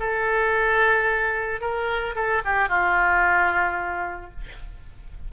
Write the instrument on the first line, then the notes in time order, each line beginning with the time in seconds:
oboe
0.00 A4
1.61 A#4
2.15 A4
2.45 G4
2.69 F4